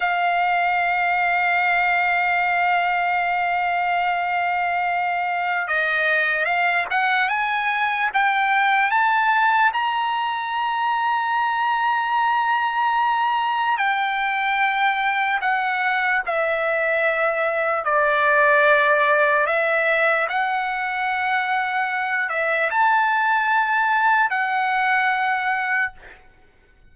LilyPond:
\new Staff \with { instrumentName = "trumpet" } { \time 4/4 \tempo 4 = 74 f''1~ | f''2. dis''4 | f''8 fis''8 gis''4 g''4 a''4 | ais''1~ |
ais''4 g''2 fis''4 | e''2 d''2 | e''4 fis''2~ fis''8 e''8 | a''2 fis''2 | }